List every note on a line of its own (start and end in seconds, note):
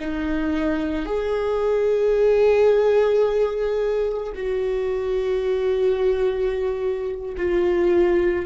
0.00 1.06 D#4
1.06 4.33 G#4
4.35 7.35 F#4
7.37 8.46 F4